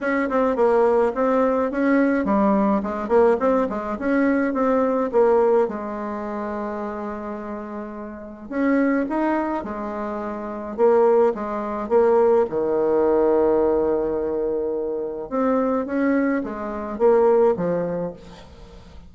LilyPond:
\new Staff \with { instrumentName = "bassoon" } { \time 4/4 \tempo 4 = 106 cis'8 c'8 ais4 c'4 cis'4 | g4 gis8 ais8 c'8 gis8 cis'4 | c'4 ais4 gis2~ | gis2. cis'4 |
dis'4 gis2 ais4 | gis4 ais4 dis2~ | dis2. c'4 | cis'4 gis4 ais4 f4 | }